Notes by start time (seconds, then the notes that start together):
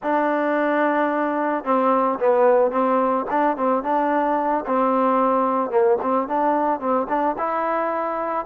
0.02 D4
1.64 C4
2.19 B3
2.71 C4
3.30 D4
3.56 C4
3.83 D4
4.65 C4
5.70 A#3
6.01 C4
6.28 D4
6.80 C4
7.08 D4
7.38 E4